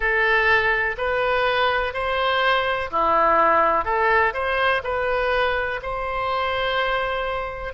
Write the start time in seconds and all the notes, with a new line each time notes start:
0.00 A4
0.97 B4
1.93 C5
2.90 E4
3.84 A4
4.33 C5
4.83 B4
5.82 C5